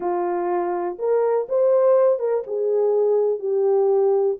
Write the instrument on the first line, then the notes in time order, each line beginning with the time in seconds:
horn
0.00 F4
0.98 A#4
1.48 C5
2.19 A#4
2.46 G#4
3.39 G4